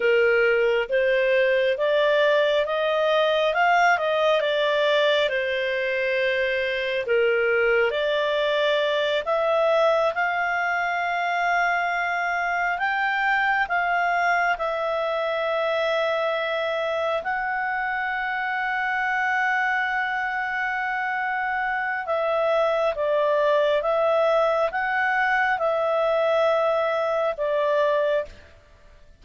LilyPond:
\new Staff \with { instrumentName = "clarinet" } { \time 4/4 \tempo 4 = 68 ais'4 c''4 d''4 dis''4 | f''8 dis''8 d''4 c''2 | ais'4 d''4. e''4 f''8~ | f''2~ f''8 g''4 f''8~ |
f''8 e''2. fis''8~ | fis''1~ | fis''4 e''4 d''4 e''4 | fis''4 e''2 d''4 | }